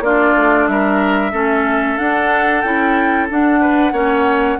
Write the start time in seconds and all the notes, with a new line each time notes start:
0.00 A#3 D4 F4 D5
0.36 A3
0.67 G3 A#4 E5
1.32 A3 C#4 A4
1.97 D4 F#5
2.61 C#4 E4 G5
3.30 D4 F#5
3.61 B4
3.92 A#3 C#4 C#5